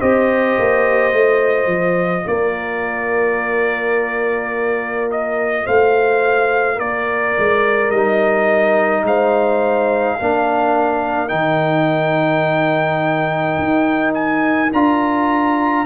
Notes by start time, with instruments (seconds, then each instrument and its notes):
0.00 tuba C4, trombone G4, horn C5, trumpet D#5
0.59 tuba A#3
1.13 tuba A3, trombone F4
1.67 tuba F3
2.27 tuba A#3, horn A#4, trumpet D5
5.11 trumpet D#5
5.65 tuba A3, horn C5, trumpet F5
6.75 tuba A#3, horn A#4, trumpet D5
7.38 tuba G#3
7.90 tuba G3, trombone D#4, trumpet D#5
9.03 tuba G#3, horn C5, trumpet F5
10.17 tuba A#3, trombone D4, horn A#4
11.29 tuba D#3, trombone D#4, trumpet G5
13.58 tuba D#4
14.14 trumpet G#5
14.73 tuba D4, trombone F4, trumpet A#5